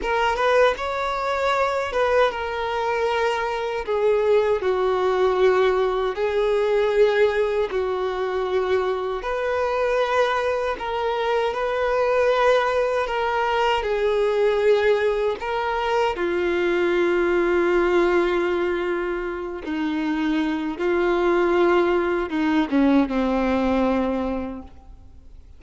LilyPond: \new Staff \with { instrumentName = "violin" } { \time 4/4 \tempo 4 = 78 ais'8 b'8 cis''4. b'8 ais'4~ | ais'4 gis'4 fis'2 | gis'2 fis'2 | b'2 ais'4 b'4~ |
b'4 ais'4 gis'2 | ais'4 f'2.~ | f'4. dis'4. f'4~ | f'4 dis'8 cis'8 c'2 | }